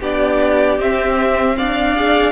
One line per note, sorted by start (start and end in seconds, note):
0.00 0.79 B3
0.00 0.80 D4
0.00 1.56 G4
0.00 0.81 D5
0.79 1.57 C4
0.79 1.96 C4
0.79 1.58 E5
1.58 2.33 D4
1.58 2.33 D5
1.58 2.33 F5
1.96 2.33 G#4